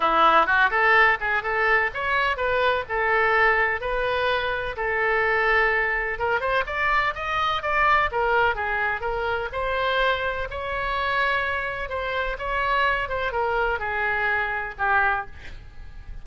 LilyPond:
\new Staff \with { instrumentName = "oboe" } { \time 4/4 \tempo 4 = 126 e'4 fis'8 a'4 gis'8 a'4 | cis''4 b'4 a'2 | b'2 a'2~ | a'4 ais'8 c''8 d''4 dis''4 |
d''4 ais'4 gis'4 ais'4 | c''2 cis''2~ | cis''4 c''4 cis''4. c''8 | ais'4 gis'2 g'4 | }